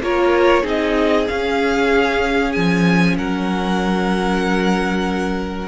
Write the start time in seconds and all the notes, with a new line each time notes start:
0.00 A#3 F4 A#4 C#5
0.62 C4 D#4 G#4 D#5
1.27 C#4 F5
2.52 F3 G#5
3.17 F#3 A#4 F#5